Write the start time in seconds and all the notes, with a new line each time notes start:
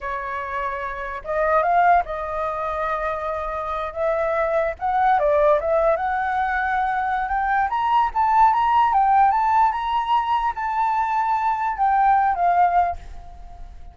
0.00 C#5
1.24 D#5
1.62 F5
2.05 D#5
3.93 E5
4.79 F#5
5.19 D5
5.60 E5
5.96 F#5
7.28 G5
7.69 A#5
8.14 A5
8.53 A#5
8.93 G5
9.31 A5
9.72 A#5
10.55 A5
11.77 G5
12.35 F5